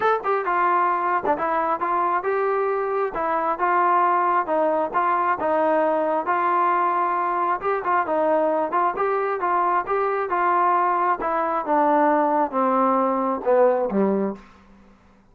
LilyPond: \new Staff \with { instrumentName = "trombone" } { \time 4/4 \tempo 4 = 134 a'8 g'8 f'4.~ f'16 d'16 e'4 | f'4 g'2 e'4 | f'2 dis'4 f'4 | dis'2 f'2~ |
f'4 g'8 f'8 dis'4. f'8 | g'4 f'4 g'4 f'4~ | f'4 e'4 d'2 | c'2 b4 g4 | }